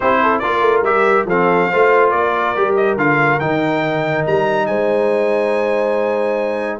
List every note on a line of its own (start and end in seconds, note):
0.00 0.42 C4
0.00 0.42 E4
0.00 0.20 G4
0.00 0.38 C5
0.22 0.43 A4
0.38 0.61 A#3
0.38 0.84 F4
0.38 1.27 A#4
0.38 0.81 D5
0.61 0.81 A3
0.81 1.24 G3
0.81 1.27 G4
0.81 1.26 E5
1.25 1.68 F3
1.25 1.72 C4
1.25 1.70 A4
1.25 2.10 F5
1.70 2.12 A3
1.70 2.55 F4
1.70 2.11 C5
2.10 2.55 A#3
2.10 4.66 A#4
2.10 2.74 D5
2.55 2.97 G3
2.55 2.98 G4
2.76 2.97 D#5
2.97 3.39 D3
2.97 3.40 F4
2.97 3.39 F5
3.39 4.25 D#3
3.39 6.80 D#4
3.39 4.24 G5
4.26 4.68 G3
4.26 4.66 A#5
4.66 6.80 G#3
4.66 6.80 C5
4.66 6.79 G#5